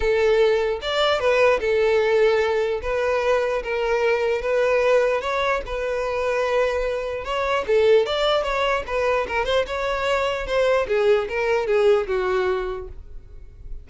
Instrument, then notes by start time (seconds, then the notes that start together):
violin
0.00 A4
0.81 D5
1.19 B4
1.59 A4
2.82 B4
3.63 A#4
4.41 B4
5.21 C#5
5.66 B4
7.24 C#5
7.67 A4
8.06 D5
8.43 C#5
8.86 B4
9.27 A#4
9.45 C5
9.66 C#5
10.46 C5
10.87 G#4
11.28 A#4
11.66 G#4
12.07 F#4